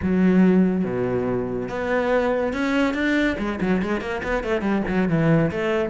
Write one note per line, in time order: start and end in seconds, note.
0.02 0.84 F#3
0.84 1.68 B2
1.68 2.53 B3
2.53 2.94 C#4
2.94 3.36 D4
3.38 3.59 G#3
3.60 3.81 F#3
3.81 4.00 G#3
4.00 4.21 A#3
4.23 4.43 B3
4.43 4.61 A3
4.61 4.82 G3
4.87 5.08 F#3
5.08 5.50 E3
5.51 5.90 A3